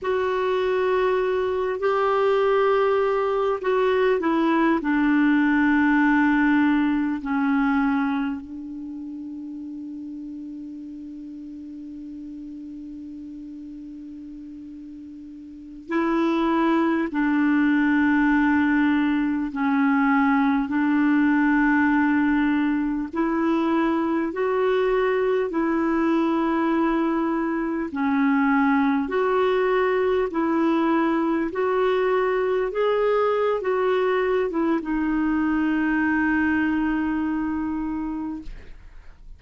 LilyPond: \new Staff \with { instrumentName = "clarinet" } { \time 4/4 \tempo 4 = 50 fis'4. g'4. fis'8 e'8 | d'2 cis'4 d'4~ | d'1~ | d'4~ d'16 e'4 d'4.~ d'16~ |
d'16 cis'4 d'2 e'8.~ | e'16 fis'4 e'2 cis'8.~ | cis'16 fis'4 e'4 fis'4 gis'8. | fis'8. e'16 dis'2. | }